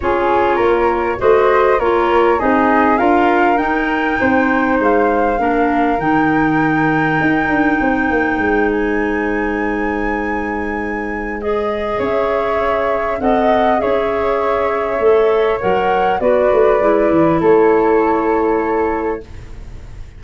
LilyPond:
<<
  \new Staff \with { instrumentName = "flute" } { \time 4/4 \tempo 4 = 100 cis''2 dis''4 cis''4 | dis''4 f''4 g''2 | f''2 g''2~ | g''2~ g''8 gis''4.~ |
gis''2. dis''4 | e''2 fis''4 e''4~ | e''2 fis''4 d''4~ | d''4 cis''2. | }
  \new Staff \with { instrumentName = "flute" } { \time 4/4 gis'4 ais'4 c''4 ais'4 | gis'4 ais'2 c''4~ | c''4 ais'2.~ | ais'4 c''2.~ |
c''1 | cis''2 dis''4 cis''4~ | cis''2. b'4~ | b'4 a'2. | }
  \new Staff \with { instrumentName = "clarinet" } { \time 4/4 f'2 fis'4 f'4 | dis'4 f'4 dis'2~ | dis'4 d'4 dis'2~ | dis'1~ |
dis'2. gis'4~ | gis'2 a'4 gis'4~ | gis'4 a'4 ais'4 fis'4 | e'1 | }
  \new Staff \with { instrumentName = "tuba" } { \time 4/4 cis'4 ais4 a4 ais4 | c'4 d'4 dis'4 c'4 | gis4 ais4 dis2 | dis'8 d'8 c'8 ais8 gis2~ |
gis1 | cis'2 c'4 cis'4~ | cis'4 a4 fis4 b8 a8 | gis8 e8 a2. | }
>>